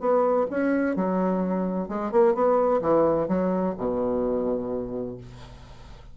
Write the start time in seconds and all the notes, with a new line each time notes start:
0.00 B3
0.51 C#4
0.96 F#3
1.89 G#3
2.12 A#3
2.34 B3
2.81 E3
3.28 F#3
3.78 B2